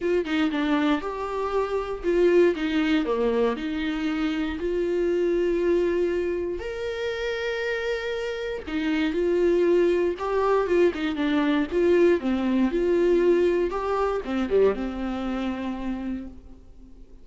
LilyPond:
\new Staff \with { instrumentName = "viola" } { \time 4/4 \tempo 4 = 118 f'8 dis'8 d'4 g'2 | f'4 dis'4 ais4 dis'4~ | dis'4 f'2.~ | f'4 ais'2.~ |
ais'4 dis'4 f'2 | g'4 f'8 dis'8 d'4 f'4 | c'4 f'2 g'4 | c'8 g8 c'2. | }